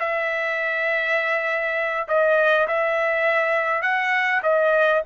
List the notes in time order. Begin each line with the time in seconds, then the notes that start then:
0.00 E5
2.08 D#5
2.68 E5
3.82 F#5
4.43 D#5